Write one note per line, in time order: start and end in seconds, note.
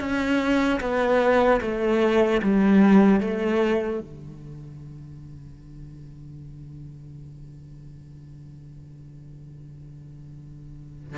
0.00 0.80 C#4
0.80 1.60 B3
1.61 2.41 A3
2.42 3.20 G3
3.20 4.00 A3
4.00 11.18 D3